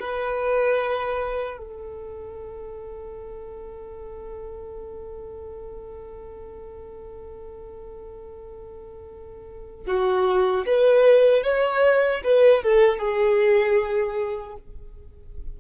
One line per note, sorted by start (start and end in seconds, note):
0.00 1.57 B4
1.57 9.86 A4
9.86 10.65 F#4
10.66 11.43 B4
11.43 12.22 C#5
12.24 12.63 B4
12.63 12.99 A4
12.99 14.57 G#4